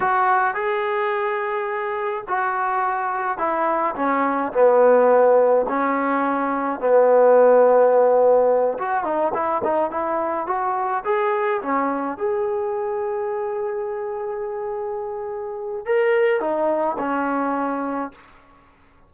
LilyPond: \new Staff \with { instrumentName = "trombone" } { \time 4/4 \tempo 4 = 106 fis'4 gis'2. | fis'2 e'4 cis'4 | b2 cis'2 | b2.~ b8 fis'8 |
dis'8 e'8 dis'8 e'4 fis'4 gis'8~ | gis'8 cis'4 gis'2~ gis'8~ | gis'1 | ais'4 dis'4 cis'2 | }